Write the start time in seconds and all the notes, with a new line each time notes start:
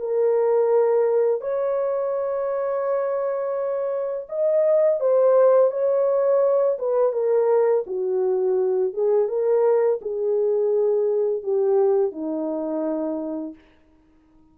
0.00 A#4
1.42 C#5
4.29 D#5
5.01 C5
5.71 C#5
6.79 B4
7.13 A#4
7.87 F#4
8.94 G#4
9.29 A#4
10.02 G#4
11.43 G4
12.12 D#4